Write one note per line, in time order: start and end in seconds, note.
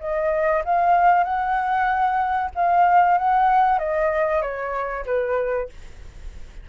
0.00 0.63 D#5
0.65 1.24 F5
1.24 2.50 F#5
2.55 3.18 F5
3.18 3.79 F#5
3.79 4.42 D#5
4.42 5.05 C#5
5.06 5.69 B4